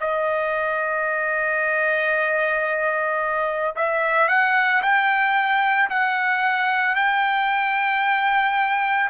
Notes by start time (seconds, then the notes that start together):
0.00 D#5
3.75 E5
4.28 F#5
4.82 G5
5.90 F#5
6.95 G5